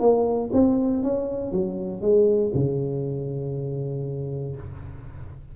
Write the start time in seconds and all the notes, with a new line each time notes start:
0.00 A#3
0.53 C4
1.03 C#4
1.52 F#3
2.01 G#3
2.54 C#3